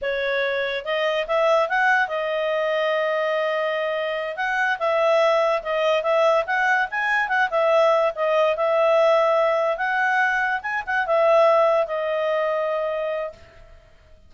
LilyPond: \new Staff \with { instrumentName = "clarinet" } { \time 4/4 \tempo 4 = 144 cis''2 dis''4 e''4 | fis''4 dis''2.~ | dis''2~ dis''8 fis''4 e''8~ | e''4. dis''4 e''4 fis''8~ |
fis''8 gis''4 fis''8 e''4. dis''8~ | dis''8 e''2. fis''8~ | fis''4. gis''8 fis''8 e''4.~ | e''8 dis''2.~ dis''8 | }